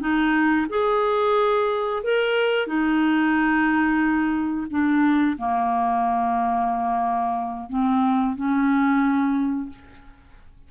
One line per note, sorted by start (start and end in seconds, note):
0.00 0.67 D#4
0.69 2.03 G#4
2.03 2.67 A#4
2.67 4.67 D#4
4.70 5.37 D4
5.37 7.69 A#3
7.69 8.36 C4
8.36 9.69 C#4